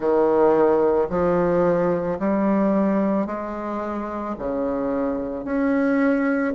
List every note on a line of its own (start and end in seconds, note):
0.00 1.08 D#3
1.09 2.18 F3
2.19 3.26 G3
3.26 4.35 G#3
4.38 5.44 C#3
5.44 6.54 C#4